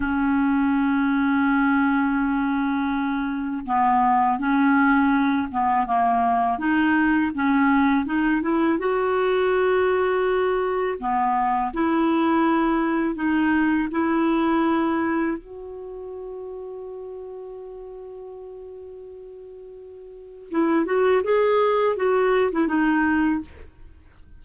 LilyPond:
\new Staff \with { instrumentName = "clarinet" } { \time 4/4 \tempo 4 = 82 cis'1~ | cis'4 b4 cis'4. b8 | ais4 dis'4 cis'4 dis'8 e'8 | fis'2. b4 |
e'2 dis'4 e'4~ | e'4 fis'2.~ | fis'1 | e'8 fis'8 gis'4 fis'8. e'16 dis'4 | }